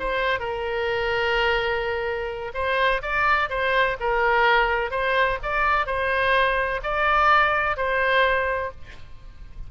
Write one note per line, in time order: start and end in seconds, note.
0.00 0.40 C5
0.40 2.53 A#4
2.54 3.02 C5
3.02 3.50 D5
3.50 3.97 C5
4.01 4.91 A#4
4.91 5.39 C5
5.43 5.87 D5
5.87 6.81 C5
6.84 7.77 D5
7.77 8.71 C5